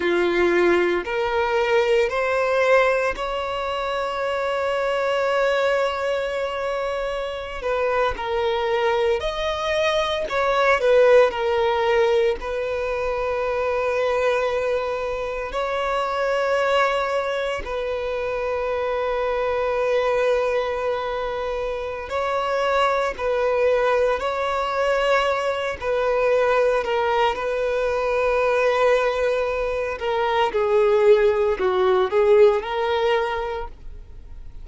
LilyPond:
\new Staff \with { instrumentName = "violin" } { \time 4/4 \tempo 4 = 57 f'4 ais'4 c''4 cis''4~ | cis''2.~ cis''16 b'8 ais'16~ | ais'8. dis''4 cis''8 b'8 ais'4 b'16~ | b'2~ b'8. cis''4~ cis''16~ |
cis''8. b'2.~ b'16~ | b'4 cis''4 b'4 cis''4~ | cis''8 b'4 ais'8 b'2~ | b'8 ais'8 gis'4 fis'8 gis'8 ais'4 | }